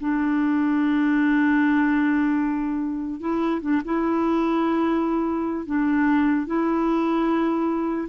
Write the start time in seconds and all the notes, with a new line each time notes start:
0.00 D4
3.21 E4
3.61 D4
3.85 E4
5.66 D4
6.46 E4